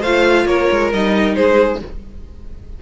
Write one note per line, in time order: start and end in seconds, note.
0.00 0.45 A3
0.00 0.93 F4
0.00 0.44 C5
0.00 0.46 F5
0.45 0.67 A#3
0.45 1.35 A#4
0.45 0.91 C#5
0.71 0.92 G#3
0.92 1.36 G3
0.92 1.82 D#4
0.92 1.35 D#5
1.35 1.82 G#3
1.35 1.79 G#4
1.35 1.79 C5